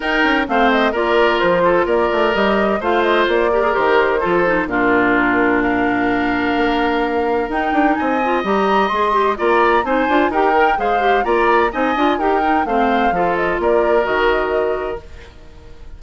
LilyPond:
<<
  \new Staff \with { instrumentName = "flute" } { \time 4/4 \tempo 4 = 128 g''4 f''8 dis''8 d''4 c''4 | d''4 dis''4 f''8 dis''8 d''4 | c''2 ais'2 | f''1 |
g''4 gis''4 ais''4 c'''4 | ais''4 gis''4 g''4 f''4 | ais''4 gis''4 g''4 f''4~ | f''8 dis''8 d''4 dis''2 | }
  \new Staff \with { instrumentName = "oboe" } { \time 4/4 ais'4 c''4 ais'4. a'8 | ais'2 c''4. ais'8~ | ais'4 a'4 f'2 | ais'1~ |
ais'4 dis''2. | d''4 c''4 ais'4 c''4 | d''4 dis''4 ais'4 c''4 | a'4 ais'2. | }
  \new Staff \with { instrumentName = "clarinet" } { \time 4/4 dis'4 c'4 f'2~ | f'4 g'4 f'4. g'16 gis'16 | g'4 f'8 dis'8 d'2~ | d'1 |
dis'4. f'8 g'4 gis'8 g'8 | f'4 dis'8 f'8 g'8 ais'8 gis'8 g'8 | f'4 dis'8 f'8 g'8 dis'8 c'4 | f'2 fis'2 | }
  \new Staff \with { instrumentName = "bassoon" } { \time 4/4 dis'8 cis'8 a4 ais4 f4 | ais8 a8 g4 a4 ais4 | dis4 f4 ais,2~ | ais,2 ais2 |
dis'8 d'8 c'4 g4 gis4 | ais4 c'8 d'8 dis'4 gis4 | ais4 c'8 d'8 dis'4 a4 | f4 ais4 dis2 | }
>>